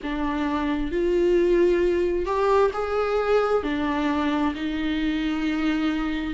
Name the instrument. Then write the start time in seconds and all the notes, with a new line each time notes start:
viola
0.02 D4
0.91 F4
2.25 G4
2.73 G#4
3.63 D4
4.55 D#4